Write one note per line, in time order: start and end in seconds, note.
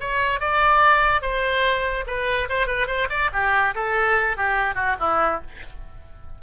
0.00 0.40 C#5
0.40 1.22 D5
1.22 2.05 C5
2.07 2.49 B4
2.49 2.67 C5
2.67 2.87 B4
2.87 3.08 C5
3.10 3.30 D5
3.33 3.74 G4
3.75 4.37 A4
4.37 4.75 G4
4.75 4.96 F#4
5.00 5.41 E4